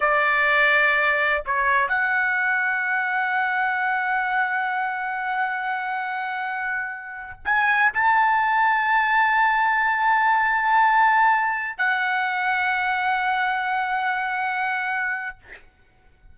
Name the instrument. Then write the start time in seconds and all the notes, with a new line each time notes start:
trumpet
0.00 D5
1.45 C#5
1.88 F#5
7.44 G#5
7.93 A5
11.77 F#5